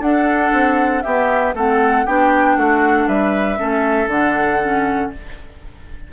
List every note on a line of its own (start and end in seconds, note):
0.00 0.51 D4
0.00 1.05 D4
0.00 1.04 A4
0.00 1.02 F#5
0.53 1.04 C4
1.02 1.56 B3
1.02 1.54 B3
1.02 1.55 G4
1.02 1.53 E5
1.54 2.05 A3
1.54 2.07 C4
1.54 2.06 A4
1.54 2.06 F#5
2.06 2.57 B3
2.06 3.57 D4
2.06 2.57 G4
2.06 2.57 G5
2.57 3.08 A3
2.57 3.08 F#4
2.57 3.08 F#5
3.08 3.59 G3
3.08 3.59 B4
3.08 4.09 E5
3.57 4.07 A3
3.57 4.08 C#4
3.57 5.11 A4
4.07 5.09 D3
4.07 4.62 D4
4.07 5.13 F#5
4.62 5.12 C#4